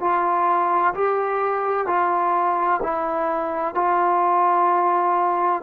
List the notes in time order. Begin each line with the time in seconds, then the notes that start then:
0.00 F4
0.94 G4
1.87 F4
2.83 E4
3.75 F4